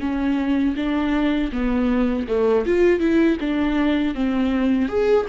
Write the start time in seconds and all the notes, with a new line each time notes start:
0.00 C#4
0.76 D4
1.52 B3
2.28 A3
2.66 F4
3.00 E4
3.40 D4
4.15 C4
4.89 G#4